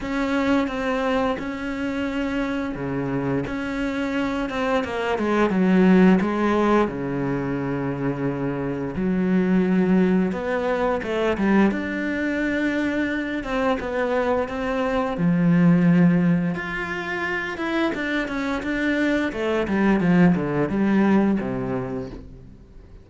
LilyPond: \new Staff \with { instrumentName = "cello" } { \time 4/4 \tempo 4 = 87 cis'4 c'4 cis'2 | cis4 cis'4. c'8 ais8 gis8 | fis4 gis4 cis2~ | cis4 fis2 b4 |
a8 g8 d'2~ d'8 c'8 | b4 c'4 f2 | f'4. e'8 d'8 cis'8 d'4 | a8 g8 f8 d8 g4 c4 | }